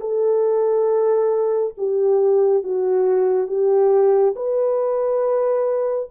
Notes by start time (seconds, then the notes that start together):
0.00 A4
1.77 G4
2.63 F#4
3.47 G4
4.35 B4